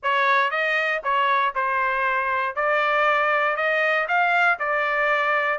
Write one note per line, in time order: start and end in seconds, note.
0.02 0.50 C#5
0.50 1.01 D#5
1.03 1.54 C#5
1.55 2.55 C5
2.55 3.56 D5
3.56 4.07 D#5
4.08 4.59 F5
4.59 5.58 D5